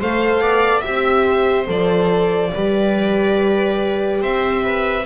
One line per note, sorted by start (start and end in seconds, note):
0.00 0.40 A3
0.00 0.85 A4
0.00 0.41 C5
0.00 0.80 F5
0.40 0.83 B3
0.40 0.82 D5
0.80 1.68 C4
0.80 1.66 G4
0.80 1.65 E5
0.80 1.24 E5
1.25 2.51 C5
1.66 2.52 F3
1.66 2.51 A4
1.66 4.23 D5
2.52 4.21 G3
2.52 5.05 G4
2.52 4.22 B4
4.21 5.06 C4
4.21 4.64 C5
4.21 5.06 E5
4.64 5.06 B4